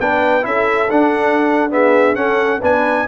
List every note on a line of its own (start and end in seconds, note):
0.00 0.46 B3
0.00 0.43 D4
0.00 0.47 B4
0.00 0.45 G5
0.43 0.90 C#4
0.43 0.88 E4
0.43 1.73 A4
0.43 0.91 E5
0.90 2.16 D4
0.90 1.71 D4
0.90 1.71 F#5
1.71 2.16 B3
1.71 2.18 G#4
1.71 2.16 E5
2.16 2.61 C#4
2.16 2.62 C#4
2.16 2.60 A4
2.16 2.61 F#5
2.60 3.08 B3
2.60 3.08 D4
2.60 3.05 B4
2.60 3.08 G#5